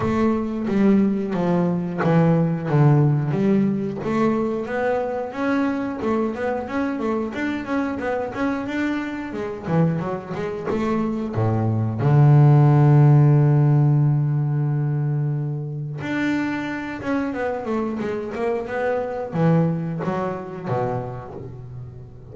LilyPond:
\new Staff \with { instrumentName = "double bass" } { \time 4/4 \tempo 4 = 90 a4 g4 f4 e4 | d4 g4 a4 b4 | cis'4 a8 b8 cis'8 a8 d'8 cis'8 | b8 cis'8 d'4 gis8 e8 fis8 gis8 |
a4 a,4 d2~ | d1 | d'4. cis'8 b8 a8 gis8 ais8 | b4 e4 fis4 b,4 | }